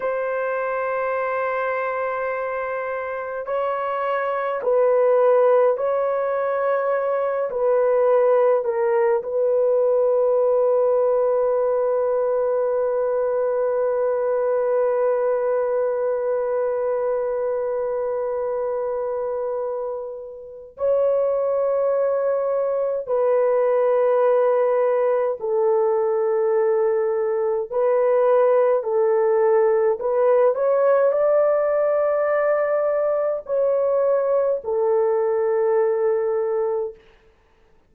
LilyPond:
\new Staff \with { instrumentName = "horn" } { \time 4/4 \tempo 4 = 52 c''2. cis''4 | b'4 cis''4. b'4 ais'8 | b'1~ | b'1~ |
b'2 cis''2 | b'2 a'2 | b'4 a'4 b'8 cis''8 d''4~ | d''4 cis''4 a'2 | }